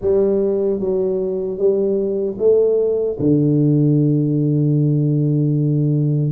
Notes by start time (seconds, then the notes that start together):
0.01 G3
0.80 F#3
1.58 G3
2.38 A3
3.19 D3